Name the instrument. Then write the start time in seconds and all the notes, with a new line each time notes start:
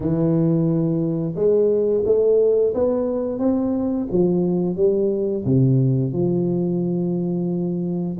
tuba
0.00 E3
1.35 G#3
2.05 A3
2.74 B3
3.38 C4
4.11 F3
4.76 G3
5.45 C3
6.12 F3